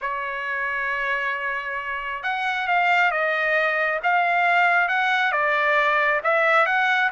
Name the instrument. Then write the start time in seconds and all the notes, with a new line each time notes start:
trumpet
0.01 C#5
2.23 F#5
2.67 F5
3.11 D#5
4.03 F5
4.88 F#5
5.32 D5
6.23 E5
6.65 F#5